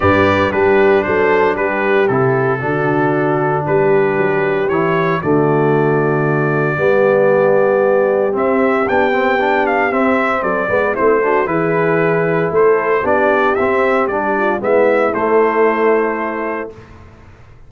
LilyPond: <<
  \new Staff \with { instrumentName = "trumpet" } { \time 4/4 \tempo 4 = 115 d''4 b'4 c''4 b'4 | a'2. b'4~ | b'4 cis''4 d''2~ | d''1 |
e''4 g''4. f''8 e''4 | d''4 c''4 b'2 | c''4 d''4 e''4 d''4 | e''4 c''2. | }
  \new Staff \with { instrumentName = "horn" } { \time 4/4 b'4 g'4 a'4 g'4~ | g'4 fis'2 g'4~ | g'2 fis'2~ | fis'4 g'2.~ |
g'1 | a'8 b'8 e'8 fis'8 gis'2 | a'4 g'2~ g'8 f'8 | e'1 | }
  \new Staff \with { instrumentName = "trombone" } { \time 4/4 g'4 d'2. | e'4 d'2.~ | d'4 e'4 a2~ | a4 b2. |
c'4 d'8 c'8 d'4 c'4~ | c'8 b8 c'8 d'8 e'2~ | e'4 d'4 c'4 d'4 | b4 a2. | }
  \new Staff \with { instrumentName = "tuba" } { \time 4/4 g,4 g4 fis4 g4 | c4 d2 g4 | fis4 e4 d2~ | d4 g2. |
c'4 b2 c'4 | fis8 gis8 a4 e2 | a4 b4 c'4 g4 | gis4 a2. | }
>>